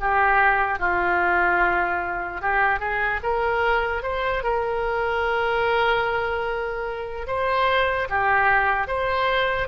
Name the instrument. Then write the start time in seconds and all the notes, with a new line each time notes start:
oboe
0.00 G4
0.79 F4
2.41 G4
2.79 G#4
3.22 A#4
4.02 C5
4.43 A#4
7.27 C5
8.09 G4
8.87 C5